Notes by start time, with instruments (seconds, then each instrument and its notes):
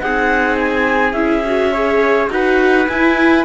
0.00 cello C4, viola D#4, trumpet G#4, clarinet F#5
0.58 clarinet G#5
1.12 cello C#4, viola E4, clarinet E5
1.45 viola F#4
1.72 viola G#4, trumpet C#5
2.30 cello D#4, viola F#4, trumpet B4, clarinet F#5
2.88 viola E4, cello E4, clarinet G#5